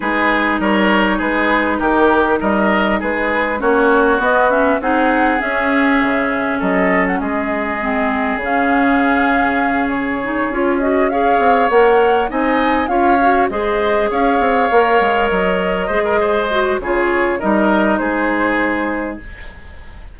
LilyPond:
<<
  \new Staff \with { instrumentName = "flute" } { \time 4/4 \tempo 4 = 100 b'4 cis''4 b'4 ais'4 | dis''4 b'4 cis''4 dis''8 e''8 | fis''4 e''2 dis''8. fis''16 | dis''2 f''2~ |
f''8 cis''4. dis''8 f''4 fis''8~ | fis''8 gis''4 f''4 dis''4 f''8~ | f''4. dis''2~ dis''8 | cis''4 dis''4 c''2 | }
  \new Staff \with { instrumentName = "oboe" } { \time 4/4 gis'4 ais'4 gis'4 g'4 | ais'4 gis'4 fis'2 | gis'2. a'4 | gis'1~ |
gis'2~ gis'8 cis''4.~ | cis''8 dis''4 cis''4 c''4 cis''8~ | cis''2~ cis''8 c''16 ais'16 c''4 | gis'4 ais'4 gis'2 | }
  \new Staff \with { instrumentName = "clarinet" } { \time 4/4 dis'1~ | dis'2 cis'4 b8 cis'8 | dis'4 cis'2.~ | cis'4 c'4 cis'2~ |
cis'4 dis'8 f'8 fis'8 gis'4 ais'8~ | ais'8 dis'4 f'8 fis'8 gis'4.~ | gis'8 ais'2 gis'4 fis'8 | f'4 dis'2. | }
  \new Staff \with { instrumentName = "bassoon" } { \time 4/4 gis4 g4 gis4 dis4 | g4 gis4 ais4 b4 | c'4 cis'4 cis4 fis4 | gis2 cis2~ |
cis4. cis'4. c'8 ais8~ | ais8 c'4 cis'4 gis4 cis'8 | c'8 ais8 gis8 fis4 gis4. | cis4 g4 gis2 | }
>>